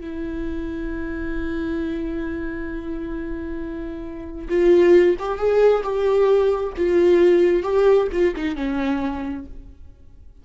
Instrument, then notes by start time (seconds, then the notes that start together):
viola
0.00 E4
4.48 F4
5.19 G4
5.38 G#4
5.83 G4
6.77 F4
7.63 G4
8.12 F4
8.35 D#4
8.55 C#4